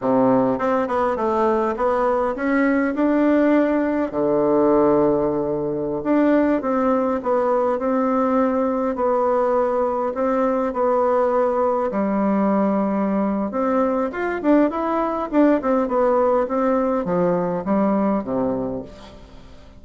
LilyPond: \new Staff \with { instrumentName = "bassoon" } { \time 4/4 \tempo 4 = 102 c4 c'8 b8 a4 b4 | cis'4 d'2 d4~ | d2~ d16 d'4 c'8.~ | c'16 b4 c'2 b8.~ |
b4~ b16 c'4 b4.~ b16~ | b16 g2~ g8. c'4 | f'8 d'8 e'4 d'8 c'8 b4 | c'4 f4 g4 c4 | }